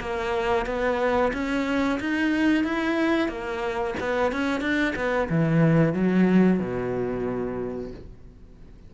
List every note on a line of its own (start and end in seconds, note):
0.00 0.66 A#3
0.66 1.32 B3
1.33 1.99 C#4
2.00 2.64 D#4
2.64 3.28 E4
3.28 3.94 A#3
4.00 4.32 B3
4.32 4.61 C#4
4.61 4.94 D4
4.96 5.29 B3
5.30 5.94 E3
5.94 6.60 F#3
6.60 7.92 B2